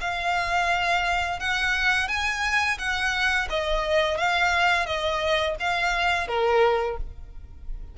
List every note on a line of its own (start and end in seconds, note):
0.00 1.40 F5
1.40 2.08 F#5
2.08 2.78 G#5
2.78 3.48 F#5
3.49 4.17 D#5
4.17 4.86 F5
4.86 5.56 D#5
5.59 6.27 F5
6.27 6.97 A#4